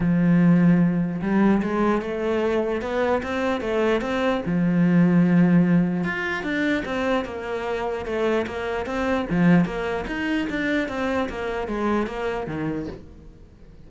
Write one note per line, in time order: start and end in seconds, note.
0.00 1.21 F3
1.21 1.61 G3
1.62 2.01 G#3
2.01 2.81 A3
2.81 3.22 B3
3.22 3.60 C4
3.60 4.01 A3
4.01 4.41 C4
4.45 6.03 F3
6.03 6.43 F4
6.43 6.83 D4
6.85 7.25 C4
7.25 8.05 A#3
8.05 8.46 A3
8.46 8.86 A#3
8.86 9.26 C4
9.30 9.65 F3
9.65 10.05 A#3
10.07 10.47 D#4
10.49 10.88 D4
10.88 11.28 C4
11.29 11.67 A#3
11.67 12.07 G#3
12.07 12.46 A#3
12.46 12.87 D#3